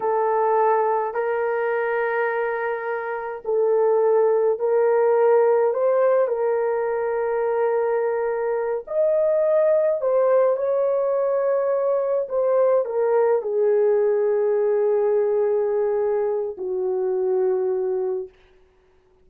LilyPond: \new Staff \with { instrumentName = "horn" } { \time 4/4 \tempo 4 = 105 a'2 ais'2~ | ais'2 a'2 | ais'2 c''4 ais'4~ | ais'2.~ ais'8 dis''8~ |
dis''4. c''4 cis''4.~ | cis''4. c''4 ais'4 gis'8~ | gis'1~ | gis'4 fis'2. | }